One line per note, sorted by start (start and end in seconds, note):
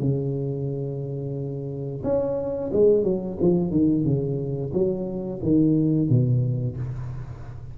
0.00 2.02 C#3
2.03 2.71 C#4
2.73 3.04 G#3
3.04 3.37 F#3
3.41 3.70 F3
3.70 4.04 D#3
4.04 4.72 C#3
4.73 5.41 F#3
5.42 6.09 D#3
6.09 6.77 B2